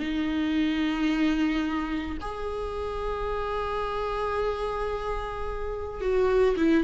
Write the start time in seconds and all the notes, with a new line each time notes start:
0.00 D#4
2.22 G#4
6.01 F#4
6.57 E4